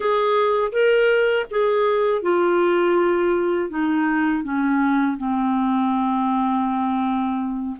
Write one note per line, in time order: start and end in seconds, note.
0.00 0.71 G#4
0.72 1.46 A#4
1.50 2.22 G#4
2.22 3.69 F4
3.69 4.43 D#4
4.43 5.17 C#4
5.17 7.76 C4